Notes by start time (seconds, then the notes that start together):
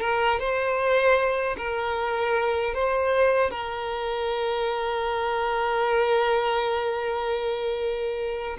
0.00 A#4
0.39 C5
1.57 A#4
2.74 C5
3.50 A#4